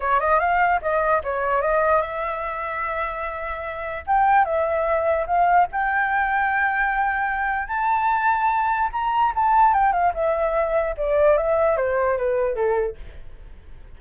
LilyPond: \new Staff \with { instrumentName = "flute" } { \time 4/4 \tempo 4 = 148 cis''8 dis''8 f''4 dis''4 cis''4 | dis''4 e''2.~ | e''2 g''4 e''4~ | e''4 f''4 g''2~ |
g''2. a''4~ | a''2 ais''4 a''4 | g''8 f''8 e''2 d''4 | e''4 c''4 b'4 a'4 | }